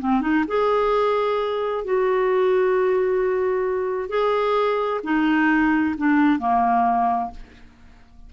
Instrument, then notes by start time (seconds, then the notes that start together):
clarinet
0.00 C4
0.21 D#4
0.48 G#4
1.85 F#4
4.09 G#4
5.04 D#4
5.98 D4
6.39 A#3